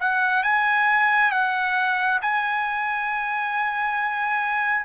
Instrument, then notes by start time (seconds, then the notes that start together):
trumpet
0.00 F#5
0.43 G#5
1.31 F#5
2.22 G#5